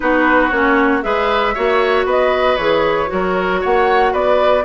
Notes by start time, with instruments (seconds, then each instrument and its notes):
0.00 bassoon B3, clarinet D#4, oboe F#4, flute B4
0.49 bassoon A#3, clarinet C#4, flute C#5
1.02 bassoon G#3, clarinet G#4, oboe B4, flute E5
1.54 bassoon A#3, clarinet F#4, oboe C#5
2.05 bassoon B3, oboe B4, flute D#5
2.56 bassoon E3, clarinet G#4, flute C#5
3.07 bassoon F#3, clarinet F#4, oboe A#4
3.60 bassoon A#3, oboe C#5, flute F#5
4.12 bassoon B3, oboe B4, flute D5